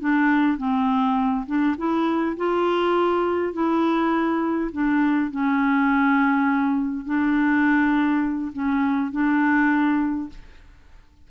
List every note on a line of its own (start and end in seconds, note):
0.00 0.57 D4
0.57 1.45 C4
1.46 1.76 D4
1.78 2.36 E4
2.37 3.53 F4
3.53 4.71 E4
4.72 5.30 D4
5.30 7.05 C#4
7.05 8.52 D4
8.53 9.11 C#4
9.11 10.29 D4